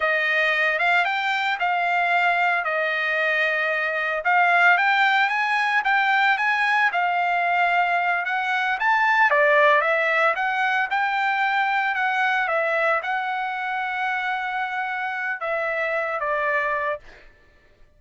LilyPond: \new Staff \with { instrumentName = "trumpet" } { \time 4/4 \tempo 4 = 113 dis''4. f''8 g''4 f''4~ | f''4 dis''2. | f''4 g''4 gis''4 g''4 | gis''4 f''2~ f''8 fis''8~ |
fis''8 a''4 d''4 e''4 fis''8~ | fis''8 g''2 fis''4 e''8~ | e''8 fis''2.~ fis''8~ | fis''4 e''4. d''4. | }